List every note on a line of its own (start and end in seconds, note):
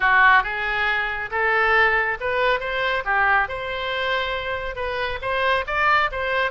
0.00 0.43 F#4
0.43 1.30 G#4
1.31 2.18 A4
2.20 2.60 B4
2.60 3.03 C5
3.05 3.48 G4
3.48 4.75 C5
4.75 5.19 B4
5.21 5.64 C5
5.67 6.10 D5
6.11 6.51 C5